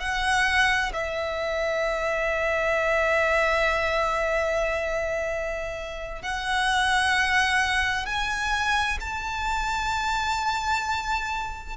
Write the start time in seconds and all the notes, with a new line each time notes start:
0.00 F#5
0.93 E5
6.22 F#5
8.06 G#5
9.00 A5